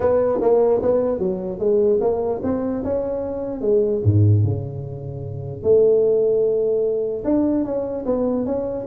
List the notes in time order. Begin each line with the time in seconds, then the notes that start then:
0.00 B3
0.41 A#3
0.82 B3
1.19 F#3
1.59 G#3
2.00 A#3
2.43 C4
2.84 C#4
3.61 G#3
4.04 G#2
4.43 C#3
5.62 A3
7.24 D4
7.64 C#4
8.05 B3
8.45 C#4